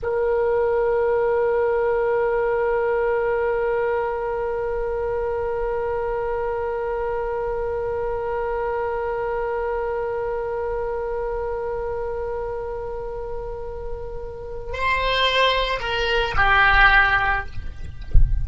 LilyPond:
\new Staff \with { instrumentName = "oboe" } { \time 4/4 \tempo 4 = 110 ais'1~ | ais'1~ | ais'1~ | ais'1~ |
ais'1~ | ais'1~ | ais'2. c''4~ | c''4 ais'4 g'2 | }